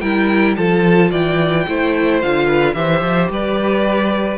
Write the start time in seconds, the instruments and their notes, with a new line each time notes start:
0.00 cello G3, viola E4, violin A#4 G5
0.56 cello F3, viola F4, violin A4 A5
1.11 cello E3, violin D5 G5
1.68 cello A3, viola E4, violin C5
2.22 cello D3, viola F4, violin F5
2.46 violin B4
2.74 cello E3, viola G4, violin C5 E5
3.00 cello F3
3.29 cello G3, violin B4 D5